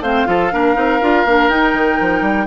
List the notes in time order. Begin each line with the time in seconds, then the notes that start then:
0.00 A3 C4 C5 F5
0.27 F3 F4 A4
0.52 A#3 D4 A#4
0.75 C4 D#4
1.01 D4 F4
1.25 A#3 D4
1.49 D#4 G5
1.74 D#3
2.01 F3
2.22 G3